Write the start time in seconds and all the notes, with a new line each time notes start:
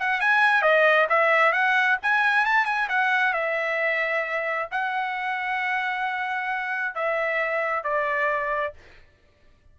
0.00 F#5
0.21 G#5
0.62 D#5
1.10 E5
1.52 F#5
2.02 G#5
2.45 A5
2.66 G#5
2.89 F#5
3.34 E5
4.71 F#5
6.95 E5
7.84 D5